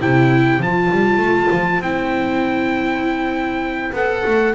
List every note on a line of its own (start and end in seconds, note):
0.00 0.60 C3
0.00 0.61 E4
0.00 4.55 C5
0.00 0.62 G5
0.60 0.90 F3
0.60 1.83 F4
0.60 1.83 A5
0.91 1.18 G3
1.18 1.48 A3
1.52 1.80 F3
1.80 3.92 C4
1.80 3.95 E4
1.80 3.95 G5
3.93 4.23 B3
3.93 4.55 A4
3.93 4.55 F#5
4.26 4.55 A3